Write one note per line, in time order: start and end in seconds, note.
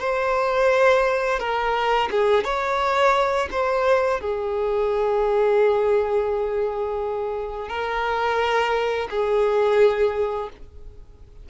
0.00 1.40 C5
1.40 2.09 A#4
2.11 2.44 G#4
2.44 3.49 C#5
3.51 4.21 C5
4.21 7.69 G#4
7.69 9.08 A#4
9.10 10.50 G#4